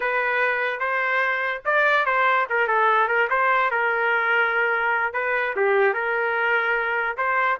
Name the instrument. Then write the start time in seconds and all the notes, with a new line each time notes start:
trumpet
0.00 B4
0.79 C5
1.65 D5
2.05 C5
2.49 A#4
2.67 A4
3.07 A#4
3.29 C5
3.70 A#4
5.13 B4
5.56 G4
5.93 A#4
7.17 C5